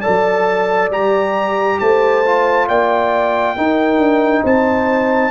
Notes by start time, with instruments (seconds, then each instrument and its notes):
0.00 trombone A4, horn D5, trumpet A5
0.07 tuba F#3
0.90 tuba G3, trombone G4, trumpet A#5
1.79 tuba A3, horn C5, trumpet A5
2.25 trombone F4
2.67 tuba A#3, horn D5, trumpet G5
3.56 trombone D#4, tuba D#4, horn A#4
3.98 tuba D4
4.42 tuba C4, horn C5, trumpet A5